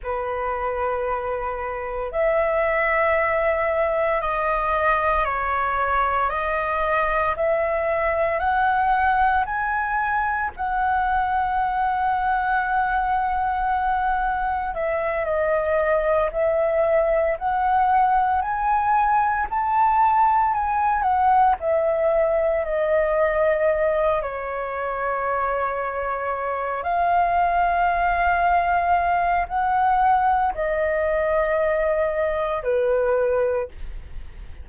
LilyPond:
\new Staff \with { instrumentName = "flute" } { \time 4/4 \tempo 4 = 57 b'2 e''2 | dis''4 cis''4 dis''4 e''4 | fis''4 gis''4 fis''2~ | fis''2 e''8 dis''4 e''8~ |
e''8 fis''4 gis''4 a''4 gis''8 | fis''8 e''4 dis''4. cis''4~ | cis''4. f''2~ f''8 | fis''4 dis''2 b'4 | }